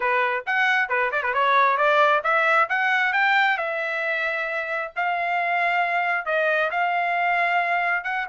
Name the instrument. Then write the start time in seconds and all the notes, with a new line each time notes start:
trumpet
0.00 B4
0.46 F#5
0.89 B4
1.11 D5
1.23 B4
1.33 C#5
1.77 D5
2.23 E5
2.69 F#5
3.12 G5
3.57 E5
4.95 F5
6.25 D#5
6.70 F5
8.04 F#5